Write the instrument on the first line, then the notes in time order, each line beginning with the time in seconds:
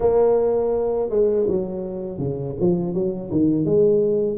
tuba
0.00 A#3
1.09 G#3
1.47 F#3
2.18 C#3
2.60 F3
2.94 F#3
3.31 D#3
3.65 G#3